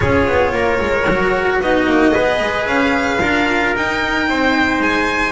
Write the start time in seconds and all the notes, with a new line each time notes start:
0.00 C#4 F4 G#4 C#5
0.27 B3
0.52 A#3 A#4
0.80 G#3
1.07 F#3 F#4
1.60 B3 D#4 F#4 D#5
1.86 A#3
2.11 B3 G#4 B4
2.40 G#3
2.66 C#4 F5
3.21 D4 F4 A#4
3.75 D#4 G5
4.29 C4 C5
4.79 G#3 G#5